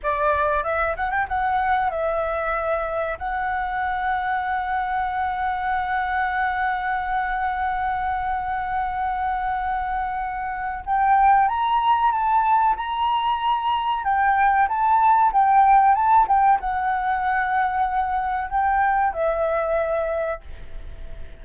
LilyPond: \new Staff \with { instrumentName = "flute" } { \time 4/4 \tempo 4 = 94 d''4 e''8 fis''16 g''16 fis''4 e''4~ | e''4 fis''2.~ | fis''1~ | fis''1~ |
fis''4 g''4 ais''4 a''4 | ais''2 g''4 a''4 | g''4 a''8 g''8 fis''2~ | fis''4 g''4 e''2 | }